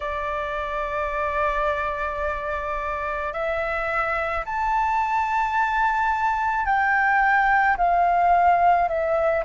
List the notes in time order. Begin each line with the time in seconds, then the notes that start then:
0.00 D5
3.33 E5
4.44 A5
6.65 G5
7.77 F5
8.88 E5